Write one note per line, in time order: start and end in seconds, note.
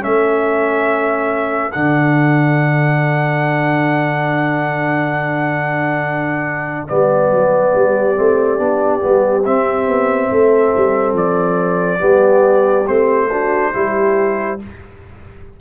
0.00 1.76 A3
0.00 1.71 C#4
0.00 7.72 A4
0.00 1.72 E5
1.72 6.90 D3
1.72 6.88 D4
1.72 6.86 F#5
6.88 7.31 G3
6.88 8.16 B3
6.88 9.45 D5
7.31 7.74 F#3
7.74 8.17 G3
7.74 10.31 G4
8.16 8.59 A3
8.16 8.59 C4
8.59 9.02 B3
8.59 9.00 D4
9.00 9.46 G3
9.00 9.43 B3
9.45 11.99 C4
9.45 9.88 C4
9.45 11.17 E5
9.88 10.31 B3
10.31 10.74 A3
10.31 12.00 A4
10.77 11.14 G3
11.14 11.99 F3
11.14 12.88 D5
11.99 12.88 G3
11.99 12.85 B3
11.99 13.29 G4
12.87 13.74 A3
12.87 13.30 C4
12.87 14.59 C5
13.30 13.74 D4
13.30 13.73 F#4
13.74 14.61 G3
13.74 14.59 E4
13.74 14.61 G4